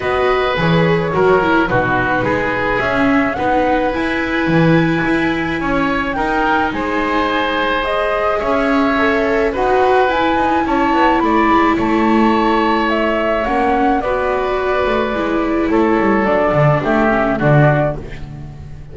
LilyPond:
<<
  \new Staff \with { instrumentName = "flute" } { \time 4/4 \tempo 4 = 107 dis''4 cis''2 b'4~ | b'4 e''4 fis''4 gis''4~ | gis''2. g''4 | gis''2 dis''4 e''4~ |
e''4 fis''4 gis''4 a''4 | b''4 a''2 e''4 | fis''4 d''2. | cis''4 d''4 e''4 d''4 | }
  \new Staff \with { instrumentName = "oboe" } { \time 4/4 b'2 ais'4 fis'4 | gis'2 b'2~ | b'2 cis''4 ais'4 | c''2. cis''4~ |
cis''4 b'2 cis''4 | d''4 cis''2.~ | cis''4 b'2. | a'2 g'4 fis'4 | }
  \new Staff \with { instrumentName = "viola" } { \time 4/4 fis'4 gis'4 fis'8 e'8 dis'4~ | dis'4 cis'4 dis'4 e'4~ | e'2. dis'4~ | dis'2 gis'2 |
a'4 fis'4 e'2~ | e'1 | cis'4 fis'2 e'4~ | e'4 d'4. cis'8 d'4 | }
  \new Staff \with { instrumentName = "double bass" } { \time 4/4 b4 e4 fis4 b,4 | gis4 cis'4 b4 e'4 | e4 e'4 cis'4 dis'4 | gis2. cis'4~ |
cis'4 dis'4 e'8 dis'8 cis'8 b8 | a8 gis8 a2. | ais4 b4. a8 gis4 | a8 g8 fis8 d8 a4 d4 | }
>>